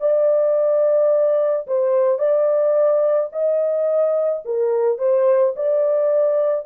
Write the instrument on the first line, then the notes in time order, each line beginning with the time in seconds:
horn
0.00 D5
1.67 C5
2.19 D5
3.32 D#5
4.45 A#4
4.98 C5
5.56 D5